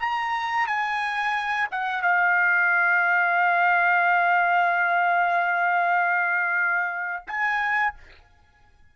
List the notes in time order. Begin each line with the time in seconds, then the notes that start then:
0.00 A#5
0.67 G#5
1.72 F#5
2.03 F5
7.27 G#5